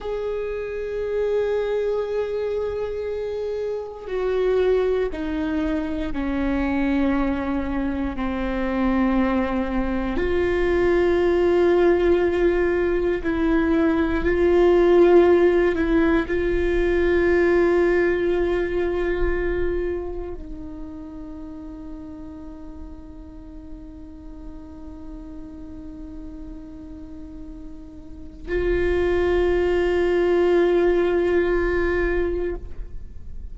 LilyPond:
\new Staff \with { instrumentName = "viola" } { \time 4/4 \tempo 4 = 59 gis'1 | fis'4 dis'4 cis'2 | c'2 f'2~ | f'4 e'4 f'4. e'8 |
f'1 | dis'1~ | dis'1 | f'1 | }